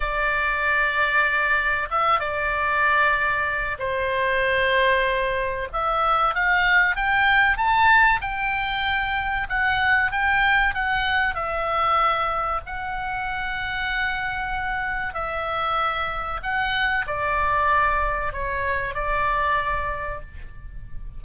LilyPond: \new Staff \with { instrumentName = "oboe" } { \time 4/4 \tempo 4 = 95 d''2. e''8 d''8~ | d''2 c''2~ | c''4 e''4 f''4 g''4 | a''4 g''2 fis''4 |
g''4 fis''4 e''2 | fis''1 | e''2 fis''4 d''4~ | d''4 cis''4 d''2 | }